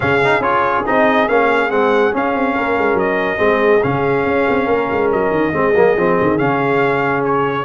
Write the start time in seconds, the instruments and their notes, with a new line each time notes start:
0.00 tuba C#3, trombone C#4, horn G#4, trumpet F5
0.23 trombone D#4
0.39 tuba C#4, trombone F4, trumpet C#5
0.86 tuba C4, trombone D#4, trumpet D#5
1.28 tuba A#3, trombone C#4, trumpet F5
1.69 tuba G#3, trombone C4, trumpet F#5
2.12 trombone C#4, tuba C#4, trumpet F5
2.34 tuba C4
2.54 tuba A#3, horn A#4
2.78 tuba G#3
2.94 tuba F#3, trumpet D#5
3.37 tuba G#3, trombone C4, horn G#4
3.82 tuba C#3, trombone C#4, trumpet F5
4.25 tuba C#4
4.48 tuba C4
4.66 tuba A#3, horn A#4
4.91 tuba G#3
5.12 tuba F#3, trumpet D#5
5.30 tuba D#3
5.52 tuba G#3, trombone C4, horn G#4
5.74 tuba F#3, trombone A#3
5.97 tuba F3, trombone C4
6.21 tuba D#3
6.37 tuba C#3, trombone C#4, trumpet F5
7.24 trumpet C#5